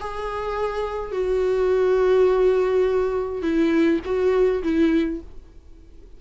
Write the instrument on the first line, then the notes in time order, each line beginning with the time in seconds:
viola
0.00 G#4
1.12 F#4
3.42 E4
4.05 F#4
4.63 E4